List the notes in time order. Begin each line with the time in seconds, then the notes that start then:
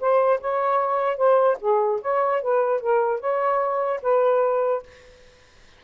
0.00 C5
0.40 C#5
1.17 C5
1.60 G#4
2.02 C#5
2.42 B4
2.80 A#4
3.20 C#5
4.02 B4